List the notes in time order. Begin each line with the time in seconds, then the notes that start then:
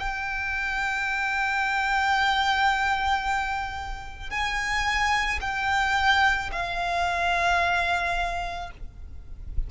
0.00 G5
4.31 G#5
5.41 G5
6.53 F5